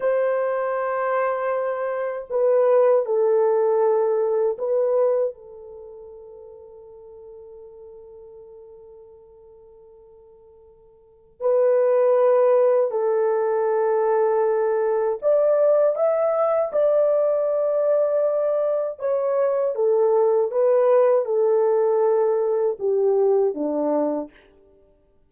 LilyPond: \new Staff \with { instrumentName = "horn" } { \time 4/4 \tempo 4 = 79 c''2. b'4 | a'2 b'4 a'4~ | a'1~ | a'2. b'4~ |
b'4 a'2. | d''4 e''4 d''2~ | d''4 cis''4 a'4 b'4 | a'2 g'4 d'4 | }